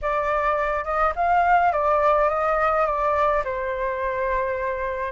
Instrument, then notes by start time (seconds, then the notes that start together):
flute
0.01 D5
0.84 D#5
1.15 F5
1.72 D5
2.29 D#5
2.86 D5
3.44 C5